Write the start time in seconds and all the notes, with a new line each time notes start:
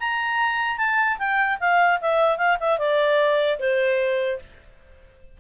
0.00 A#5
0.78 A5
1.19 G5
1.60 F5
2.01 E5
2.38 F5
2.60 E5
2.79 D5
3.59 C5